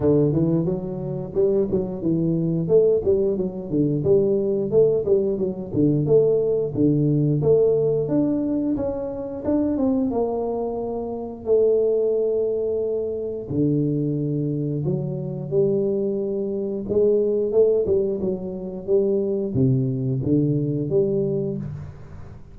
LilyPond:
\new Staff \with { instrumentName = "tuba" } { \time 4/4 \tempo 4 = 89 d8 e8 fis4 g8 fis8 e4 | a8 g8 fis8 d8 g4 a8 g8 | fis8 d8 a4 d4 a4 | d'4 cis'4 d'8 c'8 ais4~ |
ais4 a2. | d2 fis4 g4~ | g4 gis4 a8 g8 fis4 | g4 c4 d4 g4 | }